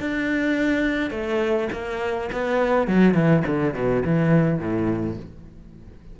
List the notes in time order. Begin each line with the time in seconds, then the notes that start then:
0.00 D4
1.11 A3
1.72 A#3
2.32 B3
2.87 F#3
3.14 E3
3.47 D3
3.74 B2
4.05 E3
4.59 A2